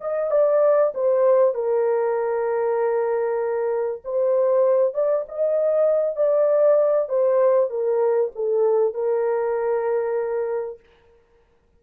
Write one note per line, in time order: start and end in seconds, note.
0.00 0.30 D#5
0.30 0.92 D5
0.94 1.54 C5
1.54 4.01 A#4
4.04 4.94 C5
4.94 5.25 D5
5.28 6.16 D#5
6.16 7.09 D5
7.09 7.70 C5
7.70 8.31 A#4
8.35 8.94 A4
8.94 10.79 A#4